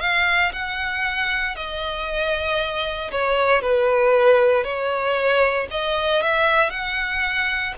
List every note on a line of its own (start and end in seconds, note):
0.00 0.52 F5
0.53 1.56 F#5
1.56 3.11 D#5
3.11 3.62 C#5
3.62 4.64 B4
4.64 5.68 C#5
5.71 6.22 D#5
6.22 6.70 E5
6.70 7.74 F#5